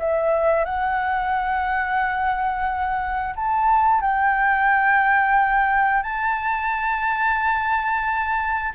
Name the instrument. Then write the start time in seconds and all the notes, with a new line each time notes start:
flute
0.00 E5
0.65 F#5
3.36 A5
4.01 G5
6.03 A5